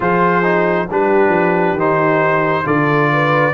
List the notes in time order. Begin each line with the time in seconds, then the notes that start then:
0.00 F3 F4 G#4 C5
0.43 D#4
0.88 G3 D4 G4 B4
1.29 F3
1.73 D#3 D#4
1.79 C5
2.64 D3 F4 A4 D5
3.12 B4